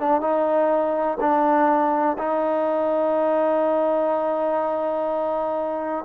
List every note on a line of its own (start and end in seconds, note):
0.00 0.21 D4
0.21 1.18 D#4
1.20 2.17 D4
2.18 6.05 D#4